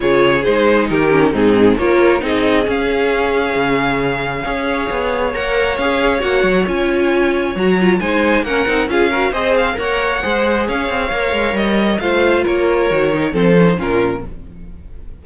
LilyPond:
<<
  \new Staff \with { instrumentName = "violin" } { \time 4/4 \tempo 4 = 135 cis''4 c''4 ais'4 gis'4 | cis''4 dis''4 f''2~ | f''1 | fis''4 f''4 fis''4 gis''4~ |
gis''4 ais''4 gis''4 fis''4 | f''4 dis''8 f''8 fis''2 | f''2 dis''4 f''4 | cis''2 c''4 ais'4 | }
  \new Staff \with { instrumentName = "violin" } { \time 4/4 gis'2 g'4 dis'4 | ais'4 gis'2.~ | gis'2 cis''2~ | cis''1~ |
cis''2 c''4 ais'4 | gis'8 ais'8 c''4 cis''4 c''4 | cis''2. c''4 | ais'2 a'4 f'4 | }
  \new Staff \with { instrumentName = "viola" } { \time 4/4 f'4 dis'4. cis'8 c'4 | f'4 dis'4 cis'2~ | cis'2 gis'2 | ais'4 gis'4 fis'4 f'4~ |
f'4 fis'8 f'8 dis'4 cis'8 dis'8 | f'8 fis'8 gis'4 ais'4 gis'4~ | gis'4 ais'2 f'4~ | f'4 fis'8 dis'8 c'8 cis'16 dis'16 cis'4 | }
  \new Staff \with { instrumentName = "cello" } { \time 4/4 cis4 gis4 dis4 gis,4 | ais4 c'4 cis'2 | cis2 cis'4 b4 | ais4 cis'4 ais8 fis8 cis'4~ |
cis'4 fis4 gis4 ais8 c'8 | cis'4 c'4 ais4 gis4 | cis'8 c'8 ais8 gis8 g4 a4 | ais4 dis4 f4 ais,4 | }
>>